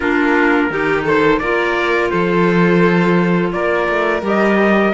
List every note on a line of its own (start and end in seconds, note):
0.00 0.70 A#3
0.00 0.70 D4
0.00 0.69 F4
0.00 1.04 A#4
0.70 1.39 D#3
0.70 1.41 D#4
0.70 1.04 G4
1.04 1.39 A4
1.04 1.38 C5
1.38 2.10 A#3
1.38 4.22 F4
1.38 2.11 A#4
1.38 2.09 D5
2.10 3.52 F3
2.10 3.52 A4
2.10 3.51 C5
3.52 3.88 A#3
3.52 4.94 A#4
3.52 4.23 D5
3.88 4.21 A3
4.21 4.92 G3
4.21 4.92 G4
4.21 4.94 D#5